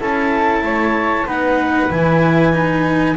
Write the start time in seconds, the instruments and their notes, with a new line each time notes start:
0.00 double bass C#4, cello E4, flute A4, clarinet A5
0.63 double bass A3, flute C#5
1.26 double bass B3, cello D#4, flute B4, clarinet F#5
1.90 double bass E3, cello E4, clarinet G#5
2.53 cello D#4